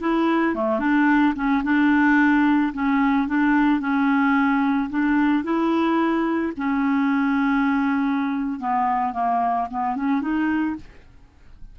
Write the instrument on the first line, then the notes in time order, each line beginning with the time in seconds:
clarinet
0.00 E4
0.55 A3
0.79 D4
1.35 C#4
1.63 D4
2.73 C#4
3.27 D4
3.80 C#4
4.89 D4
5.43 E4
6.57 C#4
8.60 B3
9.13 A#3
9.70 B3
9.95 C#4
10.21 D#4